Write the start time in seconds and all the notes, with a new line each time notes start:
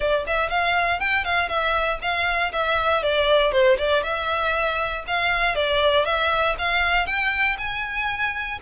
0.00 D5
0.26 E5
0.49 F5
0.99 G5
1.24 F5
1.49 E5
2.01 F5
2.52 E5
3.02 D5
3.52 C5
3.78 D5
4.03 E5
5.07 F5
5.55 D5
6.05 E5
6.58 F5
7.06 G5
7.57 G#5